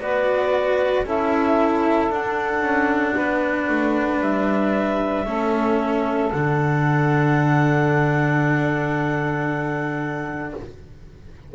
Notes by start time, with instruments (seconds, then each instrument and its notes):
0.00 double bass B3, cello F#4, saxophone B4, clarinet D5
1.04 double bass C#4, cello E4, saxophone A4, clarinet E5
2.11 double bass D4, cello D4, clarinet F#5
2.61 double bass C#4
3.16 double bass B3, saxophone B4
3.69 double bass A3
4.21 double bass G3, clarinet E5
5.26 double bass A3, cello C#4, saxophone A4
6.32 double bass D3, cello D4, clarinet F#5